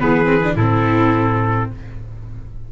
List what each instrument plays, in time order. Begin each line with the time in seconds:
0.00 tuba E3, viola B3, violin G#4, trumpet B4
0.26 viola C4
0.44 viola D4
0.55 tuba A2, viola C4, violin E4, trumpet A4